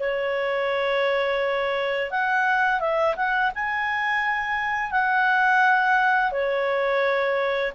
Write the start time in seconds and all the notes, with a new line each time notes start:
0.00 C#5
2.11 F#5
2.80 E5
3.16 F#5
3.55 G#5
4.92 F#5
6.32 C#5